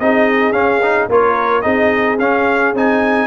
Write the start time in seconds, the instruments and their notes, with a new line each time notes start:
0.00 tuba C4, trombone D#4, horn G#4, trumpet D#5
0.52 tuba C#4, trombone C#4, trumpet F5
0.83 trombone D#4
1.10 tuba A#3, trombone F4, horn A#4, trumpet C#5
1.62 tuba C4, trombone D#4, horn G#4, trumpet D#5
2.19 tuba C#4, trombone C#4, trumpet F5
2.74 tuba C4, trombone D#4, trumpet G#5